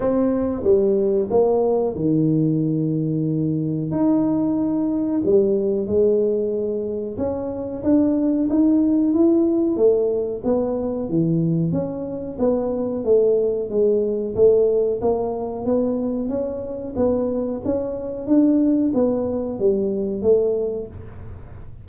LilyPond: \new Staff \with { instrumentName = "tuba" } { \time 4/4 \tempo 4 = 92 c'4 g4 ais4 dis4~ | dis2 dis'2 | g4 gis2 cis'4 | d'4 dis'4 e'4 a4 |
b4 e4 cis'4 b4 | a4 gis4 a4 ais4 | b4 cis'4 b4 cis'4 | d'4 b4 g4 a4 | }